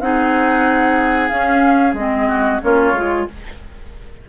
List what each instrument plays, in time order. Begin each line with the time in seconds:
0.00 bassoon C4, clarinet D#4, oboe G#4, flute F#5
1.29 clarinet C#4, bassoon C#4, flute F5
1.93 bassoon G#3, clarinet C4, flute D#5
2.28 oboe F#4
2.62 bassoon A#3, clarinet C#4, oboe F4, flute C#5
2.93 bassoon G#3, clarinet F4